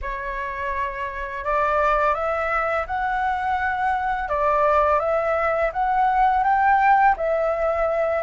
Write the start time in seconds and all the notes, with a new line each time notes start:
0.01 C#5
1.44 D5
2.14 E5
2.86 F#5
4.29 D5
4.99 E5
5.72 F#5
6.43 G5
7.17 E5